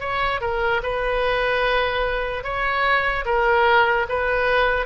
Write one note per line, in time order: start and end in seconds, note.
0.00 0.41 C#5
0.41 0.81 A#4
0.83 2.44 B4
2.44 3.25 C#5
3.25 4.07 A#4
4.09 4.86 B4